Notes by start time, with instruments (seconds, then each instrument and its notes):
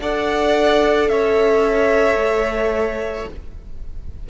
0.00 cello D4, viola A4, violin D5 F#5
1.08 cello C#4, violin C#5 E5
2.15 cello A3